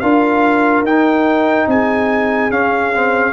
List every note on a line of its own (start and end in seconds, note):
0.00 0.83 D4
0.00 0.86 F4
0.00 1.68 A#4
0.00 0.83 F5
0.83 1.66 D#4
0.83 2.51 D#4
0.83 1.69 G5
1.67 2.50 C4
1.67 3.33 G#4
1.67 2.51 G#5
2.50 3.33 C#4
2.50 2.93 C#4
2.50 3.33 F5
2.95 3.33 C4